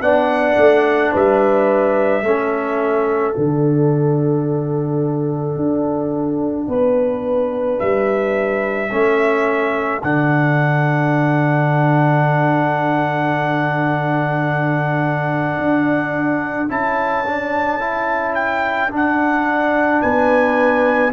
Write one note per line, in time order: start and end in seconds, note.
0.00 0.56 B3
0.00 2.24 D4
0.00 1.12 D5
0.00 1.12 F#5
0.56 1.12 A3
1.12 2.22 G3
1.12 2.23 B4
1.12 3.34 E5
2.22 3.33 A3
2.22 3.33 C#4
2.22 6.68 A4
3.33 5.56 D3
3.33 8.89 D4
3.33 7.79 F#5
5.56 6.67 D4
6.67 7.78 B3
6.67 8.90 B4
7.79 8.91 G3
7.79 10.01 E5
8.90 10.02 A3
8.90 10.01 C#4
8.90 20.01 A4
10.02 15.58 D3
10.02 16.69 D4
10.02 16.69 F#5
15.58 16.69 D4
16.69 18.91 C#4
16.69 17.25 E4
16.69 18.34 A5
17.26 17.79 D4
17.79 18.90 E4
18.34 18.90 G5
18.90 21.12 D4
18.90 20.02 D4
18.90 20.01 F#5
20.01 21.13 B3
20.01 21.12 B4
20.01 21.12 G#5